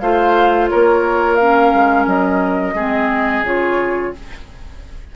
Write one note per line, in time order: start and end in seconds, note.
0.00 0.71 A3
0.00 1.40 F4
0.00 0.71 C5
0.00 0.69 F5
0.70 1.74 A#3
0.70 2.75 A#4
0.70 1.36 C#5
1.36 2.76 C#4
1.36 2.05 F5
1.74 2.06 G#3
2.06 2.74 F#3
2.06 3.46 D#5
2.74 3.41 G#3
2.74 3.45 C4
2.74 4.13 G#4
3.41 4.10 C#3
3.41 4.15 F4
3.41 4.16 C#5